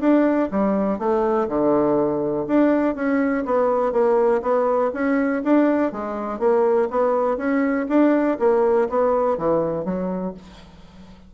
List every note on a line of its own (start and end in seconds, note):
0.00 0.49 D4
0.51 0.99 G3
0.99 1.48 A3
1.48 2.47 D3
2.47 2.95 D4
2.95 3.44 C#4
3.45 3.92 B3
3.92 4.42 A#3
4.42 4.91 B3
4.94 5.43 C#4
5.43 5.92 D4
5.92 6.39 G#3
6.39 6.88 A#3
6.90 7.37 B3
7.37 7.86 C#4
7.89 8.38 D4
8.39 8.88 A#3
8.89 9.38 B3
9.38 9.85 E3
9.85 10.34 F#3